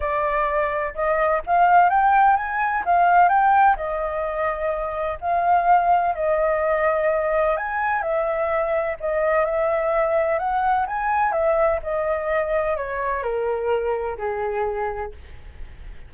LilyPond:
\new Staff \with { instrumentName = "flute" } { \time 4/4 \tempo 4 = 127 d''2 dis''4 f''4 | g''4 gis''4 f''4 g''4 | dis''2. f''4~ | f''4 dis''2. |
gis''4 e''2 dis''4 | e''2 fis''4 gis''4 | e''4 dis''2 cis''4 | ais'2 gis'2 | }